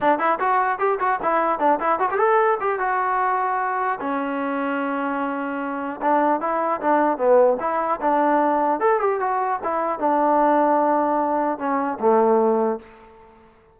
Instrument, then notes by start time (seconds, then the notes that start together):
trombone
0.00 D4
0.18 E4
0.39 F#4
0.78 G4
0.99 F#4
1.22 E4
1.59 D4
1.80 E4
1.99 F#4
2.11 G4
2.18 A4
2.60 G4
2.79 F#4
4.00 C#4
6.01 D4
6.40 E4
6.80 D4
7.17 B3
7.59 E4
8.01 D4
8.80 A4
9.00 G4
9.20 F#4
9.63 E4
9.99 D4
11.58 C#4
11.99 A3